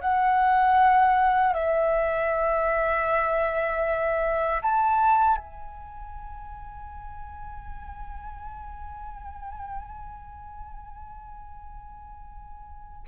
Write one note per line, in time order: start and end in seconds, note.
0.00 1.53 F#5
1.53 4.61 E5
4.62 5.36 A5
5.36 13.06 G#5